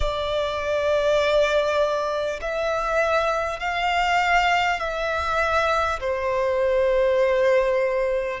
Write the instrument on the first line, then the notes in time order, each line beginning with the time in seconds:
violin
0.00 D5
2.41 E5
3.59 F5
4.79 E5
6.00 C5